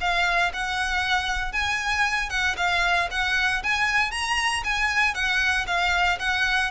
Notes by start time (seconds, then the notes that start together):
0.00 F5
0.53 F#5
1.52 G#5
2.29 F#5
2.57 F5
3.11 F#5
3.63 G#5
4.11 A#5
4.64 G#5
5.14 F#5
5.66 F5
6.19 F#5